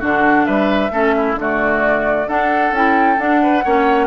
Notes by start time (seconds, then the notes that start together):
0.00 D3 D4 F#4 F#5
0.46 G3 B4 E5
0.91 A3 C#4 A4
1.17 E4
1.35 D3 A3 F#4 D5
2.28 D4 A4 F#5
2.72 C#4 E4 G5
3.18 D4 F#5
3.43 B4
3.65 A#3 C#4 C#5